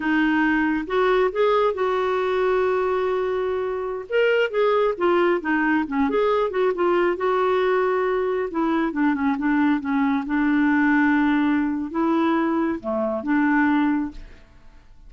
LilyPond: \new Staff \with { instrumentName = "clarinet" } { \time 4/4 \tempo 4 = 136 dis'2 fis'4 gis'4 | fis'1~ | fis'4~ fis'16 ais'4 gis'4 f'8.~ | f'16 dis'4 cis'8 gis'4 fis'8 f'8.~ |
f'16 fis'2. e'8.~ | e'16 d'8 cis'8 d'4 cis'4 d'8.~ | d'2. e'4~ | e'4 a4 d'2 | }